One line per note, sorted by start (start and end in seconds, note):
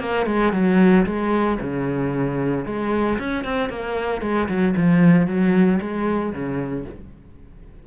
0.00 0.26 A#3
0.26 0.53 G#3
0.53 1.05 F#3
1.06 1.59 G#3
1.60 2.65 C#3
2.66 3.18 G#3
3.19 3.44 C#4
3.44 3.69 C4
3.69 4.22 A#3
4.22 4.48 G#3
4.48 4.74 F#3
4.77 5.27 F3
5.27 5.80 F#3
5.81 6.33 G#3
6.33 6.85 C#3